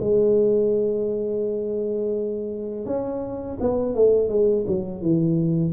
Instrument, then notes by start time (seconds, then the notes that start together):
tuba
0.00 G#3
2.86 C#4
3.60 B3
3.95 A3
4.29 G#3
4.68 F#3
5.02 E3